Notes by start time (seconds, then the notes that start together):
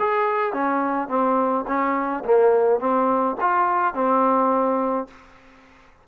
0.00 G#4
0.54 C#4
1.09 C4
1.67 C#4
2.25 A#3
2.80 C4
3.41 F4
3.95 C4